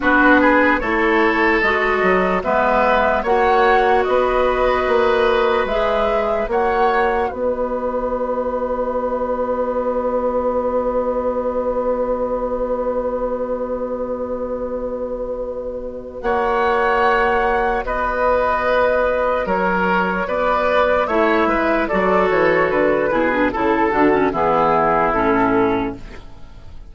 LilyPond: <<
  \new Staff \with { instrumentName = "flute" } { \time 4/4 \tempo 4 = 74 b'4 cis''4 dis''4 e''4 | fis''4 dis''2 e''4 | fis''4 dis''2.~ | dis''1~ |
dis''1 | fis''2 dis''2 | cis''4 d''4 e''4 d''8 cis''8 | b'4 a'8 fis'8 gis'4 a'4 | }
  \new Staff \with { instrumentName = "oboe" } { \time 4/4 fis'8 gis'8 a'2 b'4 | cis''4 b'2. | cis''4 b'2.~ | b'1~ |
b'1 | cis''2 b'2 | ais'4 b'4 cis''8 b'8 a'4~ | a'8 gis'8 a'4 e'2 | }
  \new Staff \with { instrumentName = "clarinet" } { \time 4/4 d'4 e'4 fis'4 b4 | fis'2. gis'4 | fis'1~ | fis'1~ |
fis'1~ | fis'1~ | fis'2 e'4 fis'4~ | fis'8 e'16 d'16 e'8 d'16 cis'16 b4 cis'4 | }
  \new Staff \with { instrumentName = "bassoon" } { \time 4/4 b4 a4 gis8 fis8 gis4 | ais4 b4 ais4 gis4 | ais4 b2.~ | b1~ |
b1 | ais2 b2 | fis4 b4 a8 gis8 fis8 e8 | d8 b,8 cis8 d8 e4 a,4 | }
>>